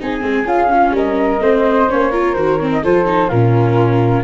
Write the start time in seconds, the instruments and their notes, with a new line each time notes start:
0.00 tuba C4, viola D#4, flute G#4 G#5
0.21 tuba G#3, viola C4
0.45 tuba C#4, viola F4, flute F5
0.68 viola C#4, flute F4
0.90 tuba G3, flute A#4 D#5
1.40 tuba A3, viola C4, flute C5
1.89 tuba A#3, viola C#4, flute C#5
2.11 viola F4, flute A#4
2.33 tuba D#3, viola F#4, flute C5
2.57 viola C4, flute C#5
2.72 flute D#5
2.83 tuba F3, viola F4, flute A4 C5
3.05 viola D#4
3.28 tuba A#2, viola C#4, flute F4 A#4